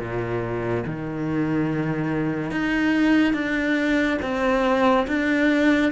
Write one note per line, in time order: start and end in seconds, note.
0.00 0.85 A#2
0.87 2.51 D#3
2.51 3.34 D#4
3.34 4.18 D4
4.23 5.07 C4
5.08 5.92 D4